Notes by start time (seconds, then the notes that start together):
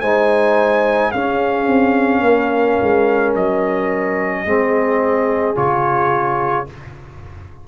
0.00 G#3 D#4 C5 G#5
1.11 C#4 G#4 F5
1.66 C4
2.20 A#3 A#4
2.82 G#3
3.35 F#3 D#5
4.45 G#3 C4 G#4
5.55 C#3 F4 C#5